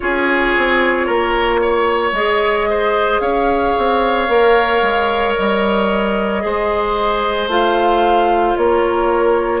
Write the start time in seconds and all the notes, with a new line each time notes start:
0.00 C#4 F4 G#4 C#5
0.56 C4
1.06 A#3 A#4
1.62 C#5
2.12 G#3 G#4 D#5
2.69 C5
3.19 C#4 C#5 F5
3.78 C4
4.28 A#3 A#4
4.81 G#3
5.34 G3 D#5
6.41 G#3 G#4 C5
7.47 A3 F4 F5
8.56 A#3 A#4 C#5